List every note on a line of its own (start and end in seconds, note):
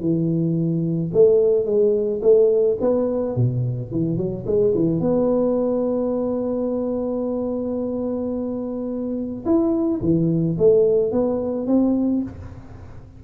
0.00 1.11 E3
1.13 1.65 A3
1.65 2.21 G#3
2.22 2.77 A3
2.81 3.36 B3
3.36 3.91 B2
3.92 4.17 E3
4.17 4.45 F#3
4.46 4.74 G#3
4.75 5.00 E3
5.00 9.44 B3
9.45 10.01 E4
10.02 10.57 E3
10.58 11.12 A3
11.12 11.67 B3
11.67 12.23 C4